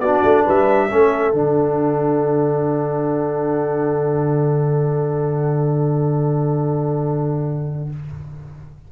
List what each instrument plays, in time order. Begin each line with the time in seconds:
0.00 tuba B3, trombone D4, horn F#4, trumpet D5
0.24 tuba A3
0.44 tuba G3, horn B4, trumpet E5
0.90 tuba A3, trombone C#4, horn A4
1.32 tuba D3, trombone D4, trumpet F#5